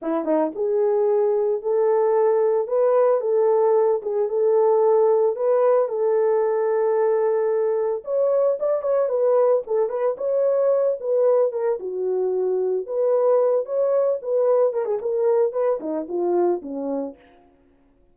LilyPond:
\new Staff \with { instrumentName = "horn" } { \time 4/4 \tempo 4 = 112 e'8 dis'8 gis'2 a'4~ | a'4 b'4 a'4. gis'8 | a'2 b'4 a'4~ | a'2. cis''4 |
d''8 cis''8 b'4 a'8 b'8 cis''4~ | cis''8 b'4 ais'8 fis'2 | b'4. cis''4 b'4 ais'16 gis'16 | ais'4 b'8 dis'8 f'4 cis'4 | }